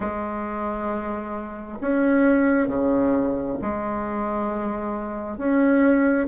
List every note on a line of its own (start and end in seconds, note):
0.00 1.79 G#3
1.81 2.67 C#4
2.67 3.57 C#3
3.61 5.37 G#3
5.37 6.27 C#4